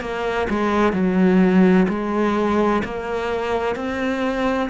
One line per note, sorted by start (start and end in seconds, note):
0.00 0.47 A#3
0.49 0.92 G#3
0.92 1.86 F#3
1.88 2.82 G#3
2.84 3.75 A#3
3.75 4.69 C4